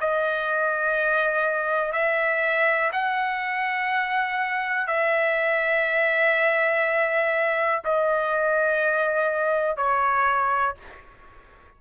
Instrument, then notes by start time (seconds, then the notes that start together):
trumpet
0.00 D#5
1.92 E5
2.92 F#5
4.87 E5
7.84 D#5
9.76 C#5